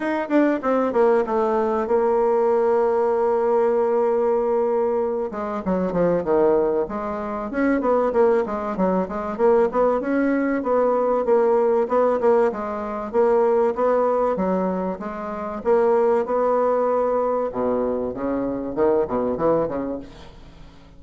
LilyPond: \new Staff \with { instrumentName = "bassoon" } { \time 4/4 \tempo 4 = 96 dis'8 d'8 c'8 ais8 a4 ais4~ | ais1~ | ais8 gis8 fis8 f8 dis4 gis4 | cis'8 b8 ais8 gis8 fis8 gis8 ais8 b8 |
cis'4 b4 ais4 b8 ais8 | gis4 ais4 b4 fis4 | gis4 ais4 b2 | b,4 cis4 dis8 b,8 e8 cis8 | }